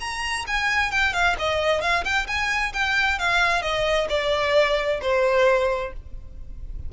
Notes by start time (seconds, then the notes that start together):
0.00 A#5
0.47 G#5
0.91 G5
1.13 F5
1.39 D#5
1.81 F5
2.04 G5
2.27 G#5
2.73 G5
3.19 F5
3.62 D#5
4.09 D5
5.02 C5